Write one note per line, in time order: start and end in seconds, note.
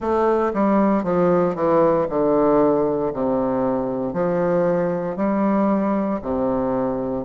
0.00 0.52 A3
0.53 1.03 G3
1.03 1.55 F3
1.55 2.06 E3
2.09 3.12 D3
3.13 4.13 C3
4.13 5.16 F3
5.16 6.20 G3
6.22 7.24 C3